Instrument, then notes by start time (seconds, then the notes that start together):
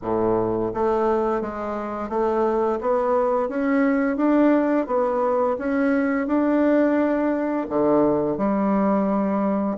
bassoon
0.02 A2
0.73 A3
1.41 G#3
2.09 A3
2.80 B3
3.48 C#4
4.17 D4
4.86 B3
5.58 C#4
6.27 D4
7.69 D3
8.37 G3